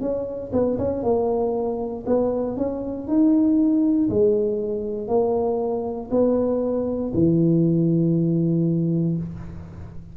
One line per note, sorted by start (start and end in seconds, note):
0.00 0.51 C#4
0.52 0.78 B3
0.78 1.03 C#4
1.03 2.04 A#3
2.06 2.57 B3
2.57 3.07 C#4
3.07 4.09 D#4
4.09 5.08 G#3
5.08 6.09 A#3
6.10 7.12 B3
7.13 9.17 E3